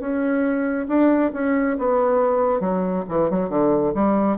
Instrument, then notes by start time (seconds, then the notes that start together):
bassoon
0.00 C#4
0.89 D4
1.34 C#4
1.79 B3
2.61 F#3
3.09 E3
3.31 F#3
3.50 D3
3.94 G3